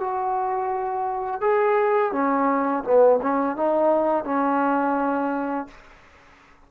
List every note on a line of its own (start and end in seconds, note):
0.00 1.41 F#4
1.41 2.12 G#4
2.12 2.83 C#4
2.83 3.19 B3
3.21 3.56 C#4
3.56 4.24 D#4
4.24 5.67 C#4